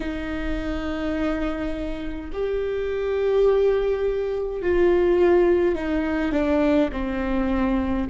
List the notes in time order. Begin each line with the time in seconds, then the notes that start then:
0.00 D#4
2.32 G4
4.62 F4
5.75 D#4
6.31 D4
6.92 C4